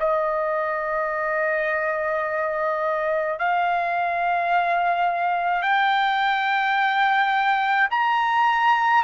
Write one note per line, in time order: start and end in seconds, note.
0.00 3.39 D#5
3.39 5.62 F5
5.62 7.89 G5
7.91 9.04 A#5